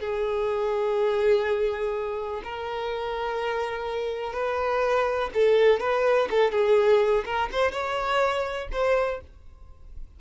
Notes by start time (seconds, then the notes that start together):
0.00 G#4
2.44 A#4
4.34 B4
5.34 A4
5.80 B4
6.31 A4
6.52 G#4
7.25 A#4
7.52 C5
7.72 C#5
8.72 C5